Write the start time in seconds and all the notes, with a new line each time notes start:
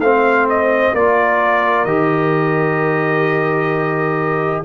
0.00 A3 C4 C5 F5
0.49 D#5
0.94 A#3 F4 A#4 D5
1.85 D#3 G4 D#5